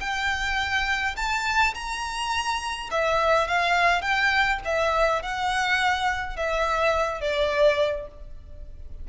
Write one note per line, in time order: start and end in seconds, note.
0.00 1.15 G5
1.16 1.74 A5
1.74 2.90 A#5
2.91 3.48 E5
3.48 4.01 F5
4.01 4.59 G5
4.65 5.22 E5
5.22 6.36 F#5
6.36 7.21 E5
7.21 8.07 D5